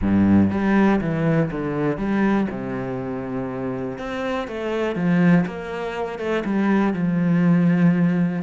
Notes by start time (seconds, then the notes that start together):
0.01 G2
0.50 G3
1.01 E3
1.51 D3
1.97 G3
2.50 C3
3.98 C4
4.47 A3
4.95 F3
5.46 A#3
6.18 A3
6.45 G3
6.93 F3